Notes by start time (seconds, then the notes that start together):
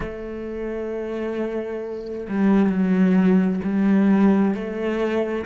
0.00 A3
2.29 G3
2.69 F#3
3.63 G3
4.54 A3